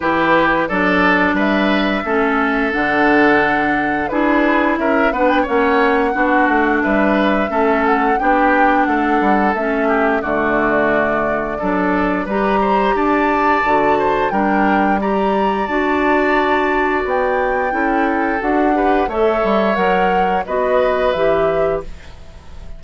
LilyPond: <<
  \new Staff \with { instrumentName = "flute" } { \time 4/4 \tempo 4 = 88 b'4 d''4 e''2 | fis''2 b'4 e''8 fis''16 g''16 | fis''2 e''4. fis''8 | g''4 fis''4 e''4 d''4~ |
d''2 ais''4 a''4~ | a''4 g''4 ais''4 a''4~ | a''4 g''2 fis''4 | e''4 fis''4 dis''4 e''4 | }
  \new Staff \with { instrumentName = "oboe" } { \time 4/4 g'4 a'4 b'4 a'4~ | a'2 gis'4 ais'8 b'8 | cis''4 fis'4 b'4 a'4 | g'4 a'4. g'8 fis'4~ |
fis'4 a'4 b'8 c''8 d''4~ | d''8 c''8 ais'4 d''2~ | d''2 a'4. b'8 | cis''2 b'2 | }
  \new Staff \with { instrumentName = "clarinet" } { \time 4/4 e'4 d'2 cis'4 | d'2 e'4. d'8 | cis'4 d'2 cis'4 | d'2 cis'4 a4~ |
a4 d'4 g'2 | fis'4 d'4 g'4 fis'4~ | fis'2 e'4 fis'8 g'8 | a'4 ais'4 fis'4 g'4 | }
  \new Staff \with { instrumentName = "bassoon" } { \time 4/4 e4 fis4 g4 a4 | d2 d'4 cis'8 b8 | ais4 b8 a8 g4 a4 | b4 a8 g8 a4 d4~ |
d4 fis4 g4 d'4 | d4 g2 d'4~ | d'4 b4 cis'4 d'4 | a8 g8 fis4 b4 e4 | }
>>